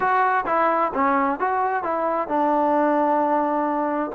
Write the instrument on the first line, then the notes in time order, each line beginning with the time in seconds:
trombone
0.00 F#4
0.46 E4
0.93 C#4
1.39 F#4
1.83 E4
2.28 D4